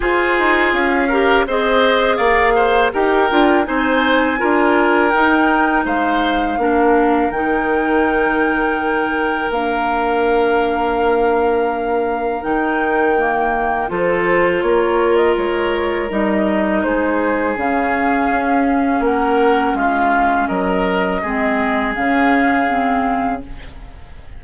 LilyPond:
<<
  \new Staff \with { instrumentName = "flute" } { \time 4/4 \tempo 4 = 82 c''4 f''4 dis''4 f''4 | g''4 gis''2 g''4 | f''2 g''2~ | g''4 f''2.~ |
f''4 g''2 c''4 | cis''8. dis''16 cis''4 dis''4 c''4 | f''2 fis''4 f''4 | dis''2 f''2 | }
  \new Staff \with { instrumentName = "oboe" } { \time 4/4 gis'4. ais'8 c''4 d''8 c''8 | ais'4 c''4 ais'2 | c''4 ais'2.~ | ais'1~ |
ais'2. a'4 | ais'2. gis'4~ | gis'2 ais'4 f'4 | ais'4 gis'2. | }
  \new Staff \with { instrumentName = "clarinet" } { \time 4/4 f'4. g'8 gis'2 | g'8 f'8 dis'4 f'4 dis'4~ | dis'4 d'4 dis'2~ | dis'4 d'2.~ |
d'4 dis'4 ais4 f'4~ | f'2 dis'2 | cis'1~ | cis'4 c'4 cis'4 c'4 | }
  \new Staff \with { instrumentName = "bassoon" } { \time 4/4 f'8 dis'8 cis'4 c'4 ais4 | dis'8 d'8 c'4 d'4 dis'4 | gis4 ais4 dis2~ | dis4 ais2.~ |
ais4 dis2 f4 | ais4 gis4 g4 gis4 | cis4 cis'4 ais4 gis4 | fis4 gis4 cis2 | }
>>